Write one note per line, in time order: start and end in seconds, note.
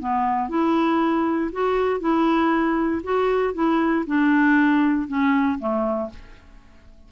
0.00 0.50 B3
0.50 1.51 E4
1.53 2.01 F#4
2.01 3.03 E4
3.04 3.55 F#4
3.55 4.05 E4
4.07 5.08 D4
5.08 5.59 C#4
5.60 6.10 A3